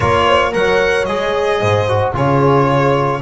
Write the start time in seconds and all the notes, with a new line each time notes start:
0.00 A#3 F4 A#4 C#5
0.27 C5
0.52 F#3 A#4 C#5 F#5
1.05 G#3 G#4 D#5
1.60 G#2 C5
1.88 F#4
2.14 C#3 F4 G#4 C#5